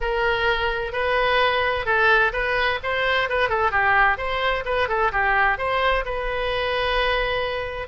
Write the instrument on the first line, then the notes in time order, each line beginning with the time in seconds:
oboe
0.00 A#4
0.92 B4
1.85 A4
2.33 B4
2.83 C5
3.29 B4
3.49 A4
3.71 G4
4.17 C5
4.65 B4
4.88 A4
5.12 G4
5.58 C5
6.05 B4